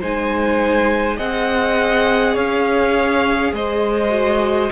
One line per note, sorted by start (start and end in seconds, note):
0.00 1.18 G#3
0.00 1.17 D#4
0.00 1.16 C5
0.00 1.18 G#5
1.16 2.36 C4
1.16 4.10 G#4
1.16 2.33 D#5
1.16 2.36 F#5
2.33 3.52 C#4
2.33 3.51 C#5
2.33 3.53 F5
3.52 4.70 G#3
3.52 4.71 C5
3.52 4.71 D#5
4.10 4.68 F#4